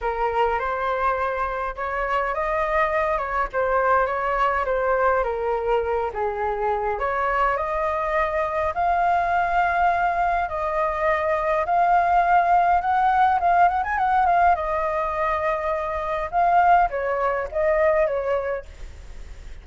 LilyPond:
\new Staff \with { instrumentName = "flute" } { \time 4/4 \tempo 4 = 103 ais'4 c''2 cis''4 | dis''4. cis''8 c''4 cis''4 | c''4 ais'4. gis'4. | cis''4 dis''2 f''4~ |
f''2 dis''2 | f''2 fis''4 f''8 fis''16 gis''16 | fis''8 f''8 dis''2. | f''4 cis''4 dis''4 cis''4 | }